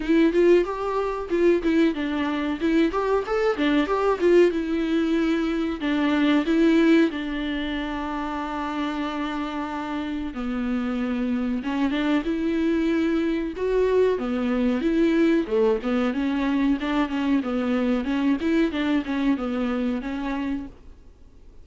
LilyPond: \new Staff \with { instrumentName = "viola" } { \time 4/4 \tempo 4 = 93 e'8 f'8 g'4 f'8 e'8 d'4 | e'8 g'8 a'8 d'8 g'8 f'8 e'4~ | e'4 d'4 e'4 d'4~ | d'1 |
b2 cis'8 d'8 e'4~ | e'4 fis'4 b4 e'4 | a8 b8 cis'4 d'8 cis'8 b4 | cis'8 e'8 d'8 cis'8 b4 cis'4 | }